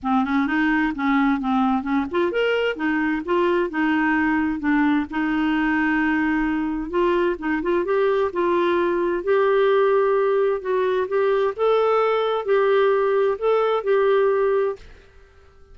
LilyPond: \new Staff \with { instrumentName = "clarinet" } { \time 4/4 \tempo 4 = 130 c'8 cis'8 dis'4 cis'4 c'4 | cis'8 f'8 ais'4 dis'4 f'4 | dis'2 d'4 dis'4~ | dis'2. f'4 |
dis'8 f'8 g'4 f'2 | g'2. fis'4 | g'4 a'2 g'4~ | g'4 a'4 g'2 | }